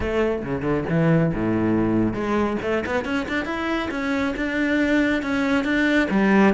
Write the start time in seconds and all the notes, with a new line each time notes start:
0.00 A3
0.43 C#3
0.62 D3
0.89 E3
1.34 A2
2.13 G#3
2.62 A3
2.85 B3
3.04 C#4
3.28 D4
3.45 E4
3.91 C#4
4.36 D4
5.22 C#4
5.64 D4
6.10 G3